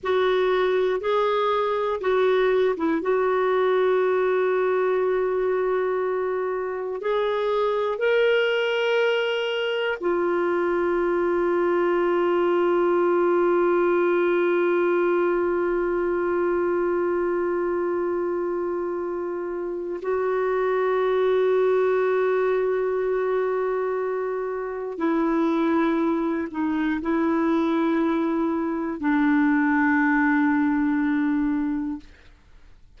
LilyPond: \new Staff \with { instrumentName = "clarinet" } { \time 4/4 \tempo 4 = 60 fis'4 gis'4 fis'8. e'16 fis'4~ | fis'2. gis'4 | ais'2 f'2~ | f'1~ |
f'1 | fis'1~ | fis'4 e'4. dis'8 e'4~ | e'4 d'2. | }